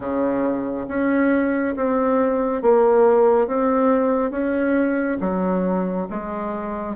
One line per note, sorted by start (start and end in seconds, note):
0.00 0.86 C#3
0.88 1.75 C#4
1.75 2.62 C4
2.62 3.47 A#3
3.47 4.30 C4
4.30 5.17 C#4
5.20 6.07 F#3
6.10 6.95 G#3